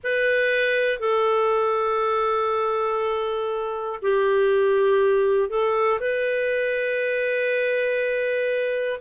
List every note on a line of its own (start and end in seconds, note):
0.03 0.99 B4
0.99 3.99 A4
4.02 5.50 G4
5.50 6.00 A4
6.00 9.00 B4